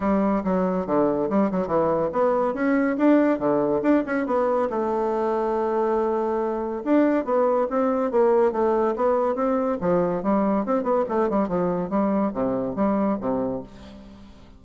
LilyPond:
\new Staff \with { instrumentName = "bassoon" } { \time 4/4 \tempo 4 = 141 g4 fis4 d4 g8 fis8 | e4 b4 cis'4 d'4 | d4 d'8 cis'8 b4 a4~ | a1 |
d'4 b4 c'4 ais4 | a4 b4 c'4 f4 | g4 c'8 b8 a8 g8 f4 | g4 c4 g4 c4 | }